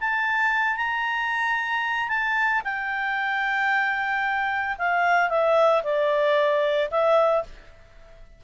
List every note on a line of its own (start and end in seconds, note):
0.00 0.77 A5
0.77 2.09 A#5
2.09 2.62 A5
2.64 4.76 G5
4.78 5.29 F5
5.29 5.82 E5
5.83 6.89 D5
6.90 7.43 E5